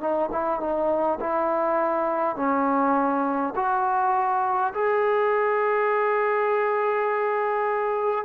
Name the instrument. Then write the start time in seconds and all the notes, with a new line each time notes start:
trombone
0.00 D#4
0.31 E4
0.59 D#4
1.20 E4
2.36 C#4
3.55 F#4
4.74 G#4